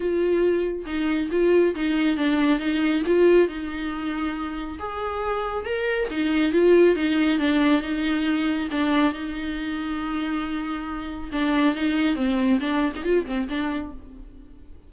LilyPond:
\new Staff \with { instrumentName = "viola" } { \time 4/4 \tempo 4 = 138 f'2 dis'4 f'4 | dis'4 d'4 dis'4 f'4 | dis'2. gis'4~ | gis'4 ais'4 dis'4 f'4 |
dis'4 d'4 dis'2 | d'4 dis'2.~ | dis'2 d'4 dis'4 | c'4 d'8. dis'16 f'8 c'8 d'4 | }